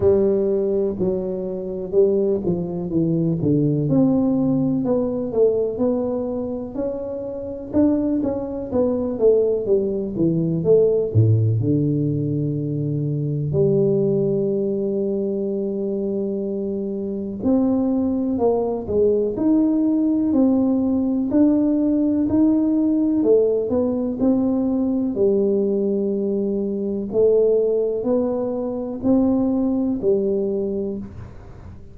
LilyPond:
\new Staff \with { instrumentName = "tuba" } { \time 4/4 \tempo 4 = 62 g4 fis4 g8 f8 e8 d8 | c'4 b8 a8 b4 cis'4 | d'8 cis'8 b8 a8 g8 e8 a8 a,8 | d2 g2~ |
g2 c'4 ais8 gis8 | dis'4 c'4 d'4 dis'4 | a8 b8 c'4 g2 | a4 b4 c'4 g4 | }